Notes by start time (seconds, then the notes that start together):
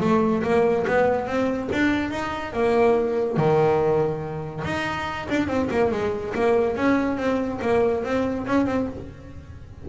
0.00 A3
0.43 A#3
0.87 B3
1.27 C4
1.72 D4
2.10 D#4
2.53 A#3
3.37 D#3
4.64 D#4
5.29 D4
5.47 C4
5.70 A#3
5.91 G#3
6.34 A#3
6.76 C#4
7.17 C4
7.61 A#3
8.04 C4
8.47 C#4
8.66 C4